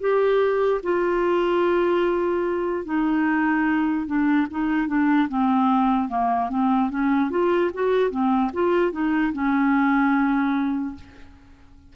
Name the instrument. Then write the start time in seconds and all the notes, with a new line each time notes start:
clarinet
0.00 G4
0.83 F4
2.85 D#4
4.07 D4
4.51 D#4
4.88 D4
5.29 C4
6.09 A#3
6.50 C4
6.90 C#4
7.30 F4
7.74 F#4
8.10 C4
8.54 F4
8.92 D#4
9.33 C#4